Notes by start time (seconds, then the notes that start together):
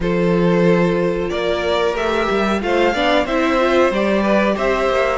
0.00 F3 F4 A4 C5
1.29 A#3 A#4 D5
1.93 A3 G4 E5
2.30 G3
2.61 A3 F4 C5 F5
2.94 B3 D4 D5
3.24 C4 E4 C5 E5
3.60 F4
3.90 G3 G4 D5
4.22 B4
4.55 C4 C5 E5
4.89 A#3